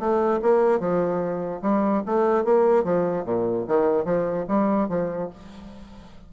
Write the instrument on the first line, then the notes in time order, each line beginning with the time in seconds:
bassoon
0.00 A3
0.42 A#3
0.80 F3
1.63 G3
2.06 A3
2.45 A#3
2.84 F3
3.25 A#2
3.68 D#3
4.05 F3
4.49 G3
4.89 F3